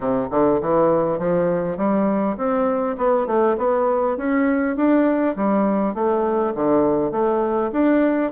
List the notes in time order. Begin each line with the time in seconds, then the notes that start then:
0.00 C3
0.31 D3
0.61 E3
1.19 F3
1.77 G3
2.37 C4
2.97 B3
3.26 A3
3.57 B3
4.17 C#4
4.76 D4
5.35 G3
5.94 A3
6.55 D3
7.11 A3
7.72 D4